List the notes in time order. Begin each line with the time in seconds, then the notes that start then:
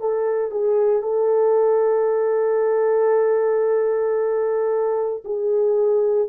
0.00 A4
0.51 G#4
1.02 A4
5.25 G#4